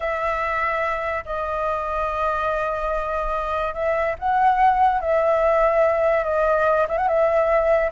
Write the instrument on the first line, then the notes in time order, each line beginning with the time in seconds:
flute
0.00 E5
1.25 D#5
3.74 E5
4.18 F#5
5.01 E5
6.24 D#5
6.88 E5
6.97 F#5
7.08 E5